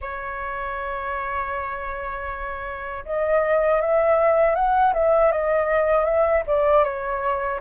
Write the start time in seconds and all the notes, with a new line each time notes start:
0.01 C#5
3.05 D#5
3.81 E5
4.55 F#5
4.93 E5
5.31 D#5
6.04 E5
6.47 D5
6.84 C#5